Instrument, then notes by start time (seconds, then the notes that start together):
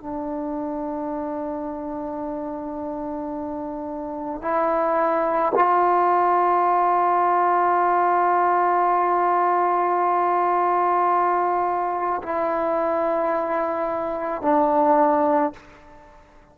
trombone
0.00 D4
4.41 E4
5.55 F4
12.23 E4
14.42 D4